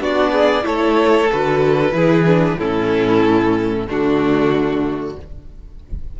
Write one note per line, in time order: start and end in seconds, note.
0.00 0.65 B3
0.00 0.62 D4
0.00 0.32 F#4
0.00 0.66 D5
0.32 0.64 G#4
0.62 1.30 A3
0.62 1.27 E4
0.62 1.95 A4
0.62 1.31 C#5
1.31 1.92 D3
1.31 1.93 F#4
1.31 2.59 B4
1.92 2.57 E3
1.92 2.25 E4
1.92 2.58 G#4
2.26 2.59 D4
2.58 3.87 A2
2.58 3.87 C#4
2.58 3.87 E4
2.58 3.88 A4
3.87 5.16 D3
3.87 5.16 A3
3.87 5.16 D4
3.87 5.20 F#4